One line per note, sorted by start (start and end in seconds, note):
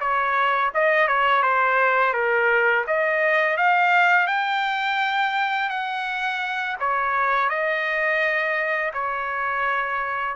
0.00 0.71 C#5
0.74 1.08 D#5
1.08 1.43 C#5
1.43 2.14 C5
2.14 2.85 A#4
2.87 3.57 D#5
3.57 4.27 F5
4.27 5.69 G5
5.69 6.76 F#5
6.80 7.49 C#5
7.49 8.92 D#5
8.93 10.36 C#5